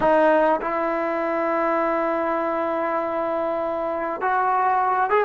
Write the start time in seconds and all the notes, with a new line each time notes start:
0.00 D#4
0.61 E4
4.21 F#4
5.10 G#4